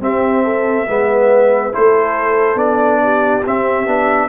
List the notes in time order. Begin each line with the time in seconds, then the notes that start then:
0.00 C4 G4 E5
0.44 A4
0.86 G#3 B3 B4
1.72 A3 E4 A4 C5
2.55 B3 D4 D5
3.02 G4
3.46 C4 E5
3.86 B3 D4